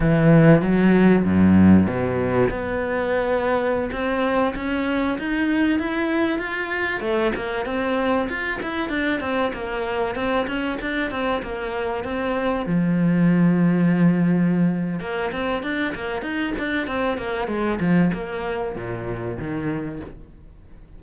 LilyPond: \new Staff \with { instrumentName = "cello" } { \time 4/4 \tempo 4 = 96 e4 fis4 fis,4 b,4 | b2~ b16 c'4 cis'8.~ | cis'16 dis'4 e'4 f'4 a8 ais16~ | ais16 c'4 f'8 e'8 d'8 c'8 ais8.~ |
ais16 c'8 cis'8 d'8 c'8 ais4 c'8.~ | c'16 f2.~ f8. | ais8 c'8 d'8 ais8 dis'8 d'8 c'8 ais8 | gis8 f8 ais4 ais,4 dis4 | }